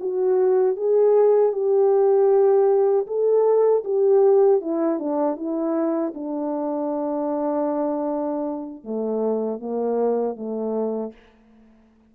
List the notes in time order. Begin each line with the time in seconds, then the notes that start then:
0.00 F#4
0.76 G#4
1.52 G4
3.06 A4
3.84 G4
4.61 E4
4.99 D4
5.36 E4
6.14 D4
8.84 A3
9.59 A#3
10.36 A3